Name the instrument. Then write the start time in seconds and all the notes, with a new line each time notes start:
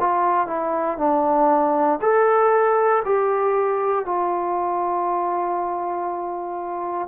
trombone
0.00 F4
0.48 E4
0.98 D4
2.02 A4
3.06 G4
4.06 F4